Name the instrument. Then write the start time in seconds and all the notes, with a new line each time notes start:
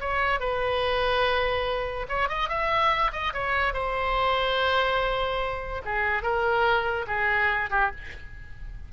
oboe
0.00 C#5
0.40 B4
2.09 C#5
2.29 D#5
2.49 E5
3.12 D#5
3.33 C#5
3.73 C5
5.85 G#4
6.22 A#4
7.07 G#4
7.70 G4